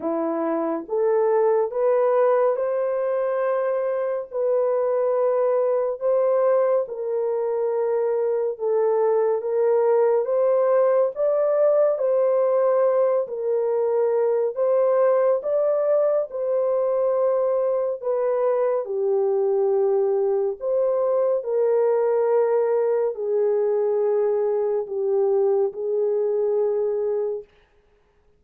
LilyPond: \new Staff \with { instrumentName = "horn" } { \time 4/4 \tempo 4 = 70 e'4 a'4 b'4 c''4~ | c''4 b'2 c''4 | ais'2 a'4 ais'4 | c''4 d''4 c''4. ais'8~ |
ais'4 c''4 d''4 c''4~ | c''4 b'4 g'2 | c''4 ais'2 gis'4~ | gis'4 g'4 gis'2 | }